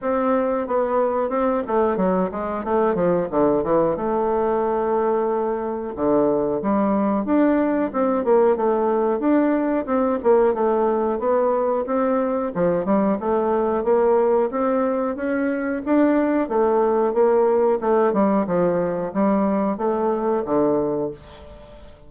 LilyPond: \new Staff \with { instrumentName = "bassoon" } { \time 4/4 \tempo 4 = 91 c'4 b4 c'8 a8 fis8 gis8 | a8 f8 d8 e8 a2~ | a4 d4 g4 d'4 | c'8 ais8 a4 d'4 c'8 ais8 |
a4 b4 c'4 f8 g8 | a4 ais4 c'4 cis'4 | d'4 a4 ais4 a8 g8 | f4 g4 a4 d4 | }